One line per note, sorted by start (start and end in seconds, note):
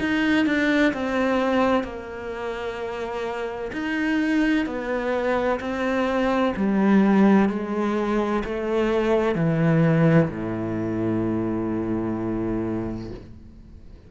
0.00 0.46 D#4
0.46 0.93 D4
0.93 1.84 C4
1.84 3.71 A#3
3.72 4.66 D#4
4.66 5.60 B3
5.60 6.54 C4
6.56 7.49 G3
7.49 8.43 G#3
8.45 9.35 A3
9.35 10.29 E3
10.30 13.11 A2